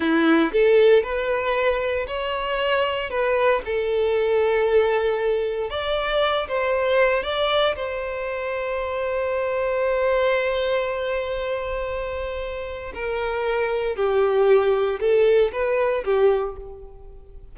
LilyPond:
\new Staff \with { instrumentName = "violin" } { \time 4/4 \tempo 4 = 116 e'4 a'4 b'2 | cis''2 b'4 a'4~ | a'2. d''4~ | d''8 c''4. d''4 c''4~ |
c''1~ | c''1~ | c''4 ais'2 g'4~ | g'4 a'4 b'4 g'4 | }